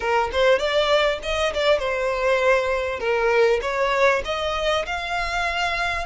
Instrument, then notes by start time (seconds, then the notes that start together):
violin
0.00 A#4
0.32 C5
0.58 D5
1.22 D#5
1.53 D5
1.79 C5
2.99 A#4
3.61 C#5
4.25 D#5
4.85 F5